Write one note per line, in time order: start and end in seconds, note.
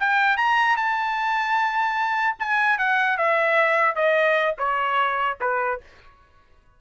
0.00 0.37 G5
0.37 0.77 A#5
0.77 2.37 A5
2.40 2.78 G#5
2.78 3.18 F#5
3.18 3.95 E5
3.95 4.55 D#5
4.58 5.38 C#5
5.41 5.81 B4